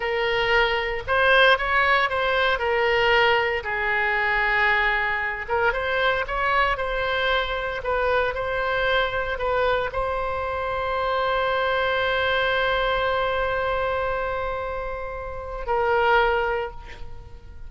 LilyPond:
\new Staff \with { instrumentName = "oboe" } { \time 4/4 \tempo 4 = 115 ais'2 c''4 cis''4 | c''4 ais'2 gis'4~ | gis'2~ gis'8 ais'8 c''4 | cis''4 c''2 b'4 |
c''2 b'4 c''4~ | c''1~ | c''1~ | c''2 ais'2 | }